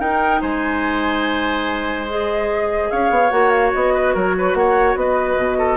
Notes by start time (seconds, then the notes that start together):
0.00 D#4 A#4 G5
0.41 G#3 C5 G#5
2.08 G#4 D#5
2.91 C#4 C#5 F5
3.10 B3
3.31 A#3 F#4 F#5
3.51 F5
3.74 B3 D#5
3.94 B4
4.15 F#3 A#4 C#5
4.38 B4
4.54 A#3 C#5 F#5
4.96 B3 B4 D#5
5.37 B2
5.59 A4